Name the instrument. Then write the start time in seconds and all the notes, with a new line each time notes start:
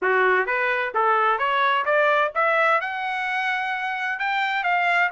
trumpet
0.02 F#4
0.46 B4
0.94 A4
1.38 C#5
1.85 D5
2.34 E5
2.80 F#5
4.19 G5
4.63 F5